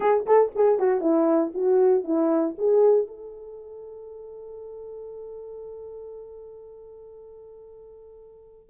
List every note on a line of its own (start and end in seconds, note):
0.00 0.25 G#4
0.26 0.51 A4
0.55 0.79 G#4
0.79 1.00 F#4
1.00 1.52 E4
1.54 2.04 F#4
2.04 2.55 E4
2.58 3.07 G#4
3.07 8.69 A4